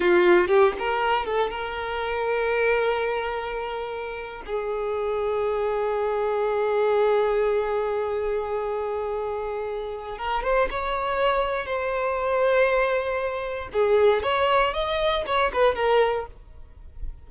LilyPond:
\new Staff \with { instrumentName = "violin" } { \time 4/4 \tempo 4 = 118 f'4 g'8 ais'4 a'8 ais'4~ | ais'1~ | ais'8. gis'2.~ gis'16~ | gis'1~ |
gis'1 | ais'8 c''8 cis''2 c''4~ | c''2. gis'4 | cis''4 dis''4 cis''8 b'8 ais'4 | }